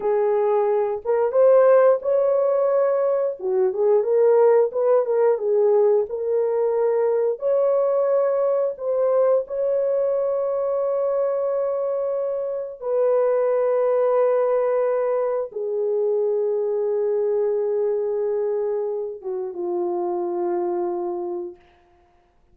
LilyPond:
\new Staff \with { instrumentName = "horn" } { \time 4/4 \tempo 4 = 89 gis'4. ais'8 c''4 cis''4~ | cis''4 fis'8 gis'8 ais'4 b'8 ais'8 | gis'4 ais'2 cis''4~ | cis''4 c''4 cis''2~ |
cis''2. b'4~ | b'2. gis'4~ | gis'1~ | gis'8 fis'8 f'2. | }